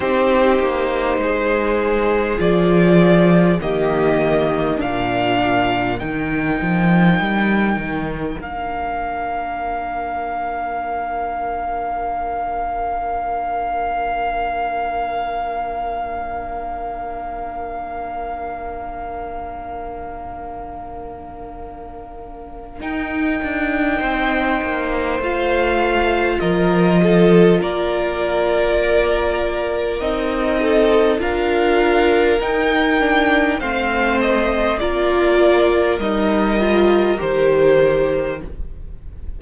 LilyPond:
<<
  \new Staff \with { instrumentName = "violin" } { \time 4/4 \tempo 4 = 50 c''2 d''4 dis''4 | f''4 g''2 f''4~ | f''1~ | f''1~ |
f''2. g''4~ | g''4 f''4 dis''4 d''4~ | d''4 dis''4 f''4 g''4 | f''8 dis''8 d''4 dis''4 c''4 | }
  \new Staff \with { instrumentName = "violin" } { \time 4/4 g'4 gis'2 g'4 | ais'1~ | ais'1~ | ais'1~ |
ais'1 | c''2 ais'8 a'8 ais'4~ | ais'4. a'8 ais'2 | c''4 ais'2. | }
  \new Staff \with { instrumentName = "viola" } { \time 4/4 dis'2 f'4 ais4 | d'4 dis'2 d'4~ | d'1~ | d'1~ |
d'2. dis'4~ | dis'4 f'2.~ | f'4 dis'4 f'4 dis'8 d'8 | c'4 f'4 dis'8 f'8 g'4 | }
  \new Staff \with { instrumentName = "cello" } { \time 4/4 c'8 ais8 gis4 f4 dis4 | ais,4 dis8 f8 g8 dis8 ais4~ | ais1~ | ais1~ |
ais2. dis'8 d'8 | c'8 ais8 a4 f4 ais4~ | ais4 c'4 d'4 dis'4 | a4 ais4 g4 dis4 | }
>>